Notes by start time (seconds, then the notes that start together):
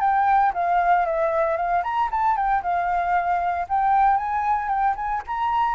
0.00 G5
0.53 F5
1.06 E5
1.56 F5
1.83 A#5
2.11 A5
2.36 G5
2.62 F5
3.68 G5
4.17 G#5
4.68 G5
4.96 G#5
5.26 A#5